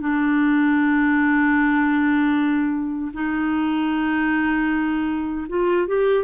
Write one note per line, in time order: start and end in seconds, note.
0.00 3.12 D4
3.13 5.47 D#4
5.48 5.87 F4
5.87 6.24 G4